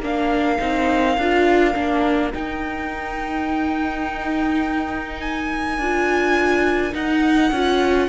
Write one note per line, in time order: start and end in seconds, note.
0.00 0.58 A#3
0.00 0.59 D4
0.00 8.08 A#4
0.00 2.33 F5
0.59 1.17 C4
0.59 1.17 D#4
1.17 1.75 D4
1.17 1.74 F4
1.74 2.33 A#3
1.74 2.31 D4
2.33 5.81 D#4
2.33 5.78 D#4
2.33 5.21 G5
5.21 6.94 G#5
5.78 6.93 D4
5.78 6.92 F4
6.92 7.50 D#4
6.92 7.51 D#4
6.92 8.08 F#5
7.51 8.08 C#4
7.51 8.08 F4